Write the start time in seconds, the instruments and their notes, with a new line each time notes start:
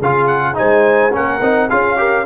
0.00 tuba C#3, trombone F4, horn G#4, trumpet F5
0.27 trumpet F#5
0.54 tuba G#3, trombone D#4, horn C5, trumpet G#5
1.13 tuba A#3, trombone C#4, horn A#4, trumpet F#5
1.42 tuba C4, trombone D#4
1.70 tuba C#4, trombone F4, horn G#4, trumpet F5
1.97 trombone G4, horn A#4